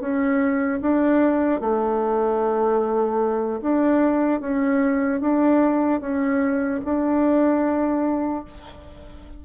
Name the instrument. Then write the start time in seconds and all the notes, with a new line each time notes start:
bassoon
0.00 C#4
0.81 D4
1.60 A3
3.61 D4
4.40 C#4
5.20 D4
6.00 C#4
6.84 D4